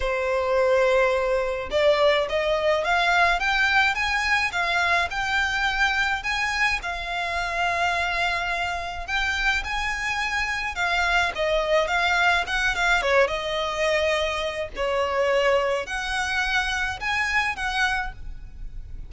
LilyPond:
\new Staff \with { instrumentName = "violin" } { \time 4/4 \tempo 4 = 106 c''2. d''4 | dis''4 f''4 g''4 gis''4 | f''4 g''2 gis''4 | f''1 |
g''4 gis''2 f''4 | dis''4 f''4 fis''8 f''8 cis''8 dis''8~ | dis''2 cis''2 | fis''2 gis''4 fis''4 | }